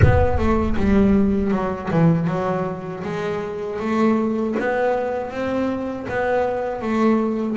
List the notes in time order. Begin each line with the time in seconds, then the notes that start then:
0.02 B3
0.38 A3
0.77 G3
1.51 F#3
1.91 E3
2.27 F#3
3.03 G#3
3.79 A3
4.59 B3
5.30 C4
6.08 B3
6.81 A3